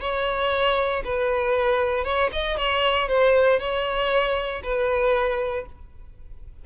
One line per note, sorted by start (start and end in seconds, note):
0.00 1.03 C#5
1.04 2.04 B4
2.04 2.30 C#5
2.32 2.57 D#5
2.57 3.08 C#5
3.08 3.59 C5
3.59 4.62 C#5
4.63 5.65 B4